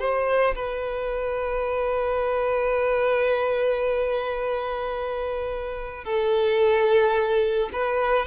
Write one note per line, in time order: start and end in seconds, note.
0.00 0.55 C5
0.56 6.05 B4
6.05 7.70 A4
7.73 8.27 B4